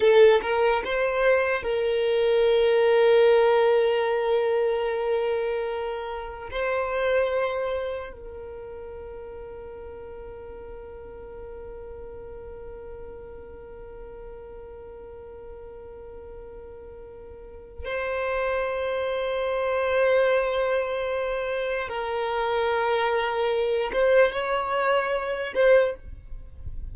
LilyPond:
\new Staff \with { instrumentName = "violin" } { \time 4/4 \tempo 4 = 74 a'8 ais'8 c''4 ais'2~ | ais'1 | c''2 ais'2~ | ais'1~ |
ais'1~ | ais'2 c''2~ | c''2. ais'4~ | ais'4. c''8 cis''4. c''8 | }